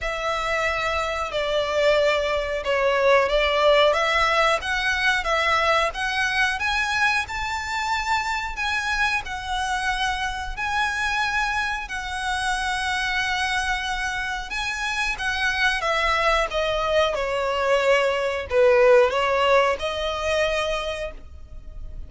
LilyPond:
\new Staff \with { instrumentName = "violin" } { \time 4/4 \tempo 4 = 91 e''2 d''2 | cis''4 d''4 e''4 fis''4 | e''4 fis''4 gis''4 a''4~ | a''4 gis''4 fis''2 |
gis''2 fis''2~ | fis''2 gis''4 fis''4 | e''4 dis''4 cis''2 | b'4 cis''4 dis''2 | }